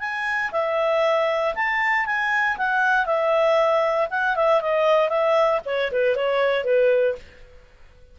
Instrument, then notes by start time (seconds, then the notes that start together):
clarinet
0.00 G#5
0.52 E5
1.55 A5
2.06 G#5
2.58 F#5
3.06 E5
4.10 F#5
4.36 E5
4.61 D#5
5.09 E5
5.65 C#5
5.92 B4
6.16 C#5
6.64 B4